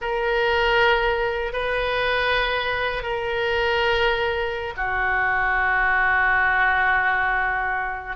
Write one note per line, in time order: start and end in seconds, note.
0.01 1.52 A#4
1.52 3.02 B4
3.02 4.73 A#4
4.76 8.16 F#4